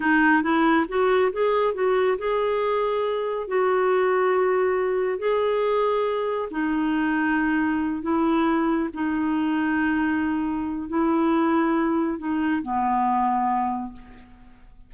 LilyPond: \new Staff \with { instrumentName = "clarinet" } { \time 4/4 \tempo 4 = 138 dis'4 e'4 fis'4 gis'4 | fis'4 gis'2. | fis'1 | gis'2. dis'4~ |
dis'2~ dis'8 e'4.~ | e'8 dis'2.~ dis'8~ | dis'4 e'2. | dis'4 b2. | }